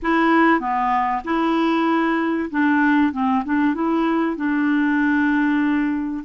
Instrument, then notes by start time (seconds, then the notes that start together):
clarinet
0.02 E4
0.60 B3
1.24 E4
2.50 D4
3.12 C4
3.44 D4
3.74 E4
4.36 D4